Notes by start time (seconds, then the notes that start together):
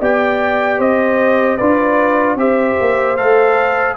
0.00 B3 G4 D5 G5
0.78 C4 C5 D#5
1.56 D4 F4 B4 D5
2.35 C4 G4 C5 E5
2.80 A#3
3.16 A3 A4 F5